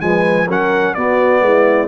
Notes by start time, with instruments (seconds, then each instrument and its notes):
0.00 tuba F3, trombone G#3, horn B4, trumpet G#5
0.48 tuba F#3, trombone C#4, horn A#4, trumpet F#5
0.94 tuba B3, trombone B3, horn F#4, trumpet D5
1.42 tuba G#3, horn E4